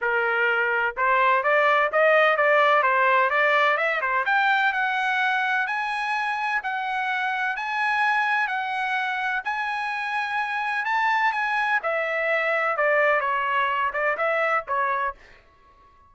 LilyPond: \new Staff \with { instrumentName = "trumpet" } { \time 4/4 \tempo 4 = 127 ais'2 c''4 d''4 | dis''4 d''4 c''4 d''4 | e''8 c''8 g''4 fis''2 | gis''2 fis''2 |
gis''2 fis''2 | gis''2. a''4 | gis''4 e''2 d''4 | cis''4. d''8 e''4 cis''4 | }